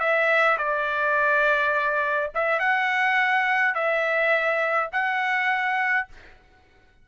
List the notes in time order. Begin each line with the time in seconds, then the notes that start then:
0.00 E5
0.58 D5
2.35 E5
2.60 F#5
3.75 E5
4.92 F#5